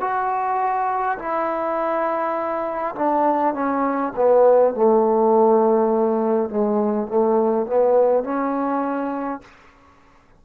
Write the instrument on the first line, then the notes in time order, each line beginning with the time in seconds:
trombone
0.00 F#4
1.18 E4
2.95 D4
3.54 C#4
4.16 B3
4.74 A3
6.49 G#3
7.07 A3
7.66 B3
8.24 C#4